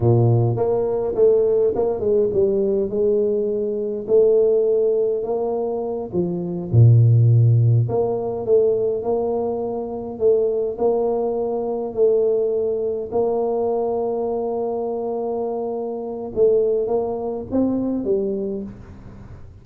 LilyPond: \new Staff \with { instrumentName = "tuba" } { \time 4/4 \tempo 4 = 103 ais,4 ais4 a4 ais8 gis8 | g4 gis2 a4~ | a4 ais4. f4 ais,8~ | ais,4. ais4 a4 ais8~ |
ais4. a4 ais4.~ | ais8 a2 ais4.~ | ais1 | a4 ais4 c'4 g4 | }